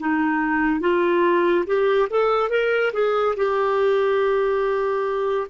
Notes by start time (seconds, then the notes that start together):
0.00 D#4
0.81 F4
1.67 G4
2.10 A4
2.50 A#4
2.93 G#4
3.36 G4